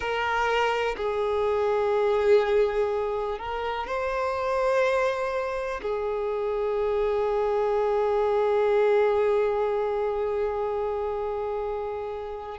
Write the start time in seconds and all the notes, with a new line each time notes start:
0.00 A#4
0.96 G#4
3.39 A#4
3.87 C5
5.82 G#4